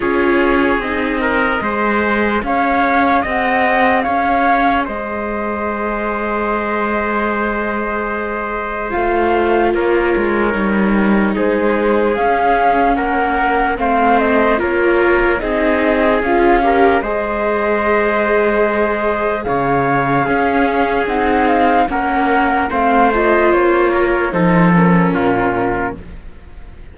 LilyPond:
<<
  \new Staff \with { instrumentName = "flute" } { \time 4/4 \tempo 4 = 74 cis''4 dis''2 f''4 | fis''4 f''4 dis''2~ | dis''2. f''4 | cis''2 c''4 f''4 |
fis''4 f''8 dis''8 cis''4 dis''4 | f''4 dis''2. | f''2 fis''8 f''8 fis''4 | f''8 dis''8 cis''4 c''8 ais'4. | }
  \new Staff \with { instrumentName = "trumpet" } { \time 4/4 gis'4. ais'8 c''4 cis''4 | dis''4 cis''4 c''2~ | c''1 | ais'2 gis'2 |
ais'4 c''4 ais'4 gis'4~ | gis'8 ais'8 c''2. | cis''4 gis'2 ais'4 | c''4. ais'8 a'4 f'4 | }
  \new Staff \with { instrumentName = "viola" } { \time 4/4 f'4 dis'4 gis'2~ | gis'1~ | gis'2. f'4~ | f'4 dis'2 cis'4~ |
cis'4 c'4 f'4 dis'4 | f'8 g'8 gis'2.~ | gis'4 cis'4 dis'4 cis'4 | c'8 f'4. dis'8 cis'4. | }
  \new Staff \with { instrumentName = "cello" } { \time 4/4 cis'4 c'4 gis4 cis'4 | c'4 cis'4 gis2~ | gis2. a4 | ais8 gis8 g4 gis4 cis'4 |
ais4 a4 ais4 c'4 | cis'4 gis2. | cis4 cis'4 c'4 ais4 | a4 ais4 f4 ais,4 | }
>>